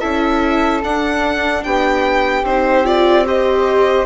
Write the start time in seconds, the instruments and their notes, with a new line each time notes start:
0.00 bassoon C#4, viola E4, flute A4, violin E5
0.83 viola D4, bassoon D4, violin F#5
1.64 bassoon B3, flute G4, violin G5
2.43 bassoon C4, viola D#4, violin C5
2.85 viola F4, violin D5
3.25 viola G4, flute C5, violin D#5